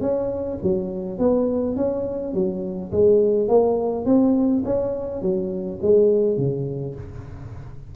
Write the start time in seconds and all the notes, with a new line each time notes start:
0.00 C#4
0.62 F#3
1.18 B3
1.76 C#4
2.33 F#3
2.91 G#3
3.48 A#3
4.05 C4
4.64 C#4
5.21 F#3
5.81 G#3
6.37 C#3